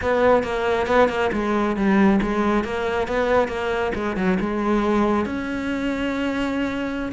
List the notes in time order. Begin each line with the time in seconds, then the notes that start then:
0.01 B3
0.43 A#3
0.86 B3
1.08 A#3
1.32 G#3
1.76 G3
2.21 G#3
2.64 A#3
3.07 B3
3.48 A#3
3.94 G#3
4.16 F#3
4.39 G#3
5.25 C#4